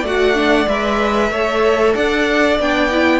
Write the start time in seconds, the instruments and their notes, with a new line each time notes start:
0.00 cello A3, viola F#4, violin D5
0.06 violin F#5
0.34 viola D4
0.67 cello G#3, viola B4, violin E5
1.31 cello A3, viola A4, violin C#5
1.94 cello D4, violin D5 F#5
2.59 cello B3, viola D4, violin G5
2.90 viola E4